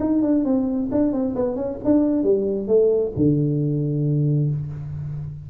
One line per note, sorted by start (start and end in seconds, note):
0.00 0.22 D#4
0.22 0.45 D4
0.45 0.90 C4
0.91 1.13 D4
1.13 1.35 C4
1.35 1.56 B3
1.56 1.78 C#4
1.85 2.23 D4
2.23 2.67 G3
2.67 3.12 A3
3.16 4.51 D3